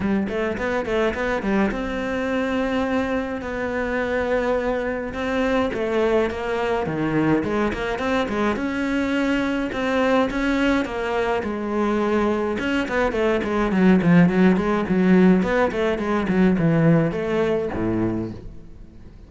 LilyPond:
\new Staff \with { instrumentName = "cello" } { \time 4/4 \tempo 4 = 105 g8 a8 b8 a8 b8 g8 c'4~ | c'2 b2~ | b4 c'4 a4 ais4 | dis4 gis8 ais8 c'8 gis8 cis'4~ |
cis'4 c'4 cis'4 ais4 | gis2 cis'8 b8 a8 gis8 | fis8 f8 fis8 gis8 fis4 b8 a8 | gis8 fis8 e4 a4 a,4 | }